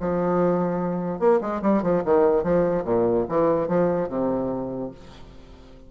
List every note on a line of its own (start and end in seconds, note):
0.00 1.19 F3
1.19 1.40 A#3
1.41 1.61 G#3
1.62 1.82 G3
1.82 2.03 F3
2.05 2.43 D#3
2.43 2.84 F3
2.84 3.26 A#2
3.28 3.67 E3
3.67 4.09 F3
4.09 4.91 C3